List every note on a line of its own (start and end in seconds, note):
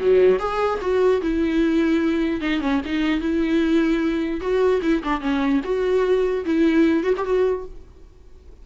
0.00 0.39 F#3
0.39 0.79 G#4
0.81 1.21 F#4
1.22 2.41 E4
2.41 2.61 D#4
2.61 2.81 C#4
2.85 3.20 D#4
3.20 4.41 E4
4.41 4.81 F#4
4.82 5.02 E4
5.04 5.21 D4
5.21 5.61 C#4
5.64 6.45 F#4
6.45 7.04 E4
7.04 7.14 F#4
7.17 7.25 G4
7.25 7.65 F#4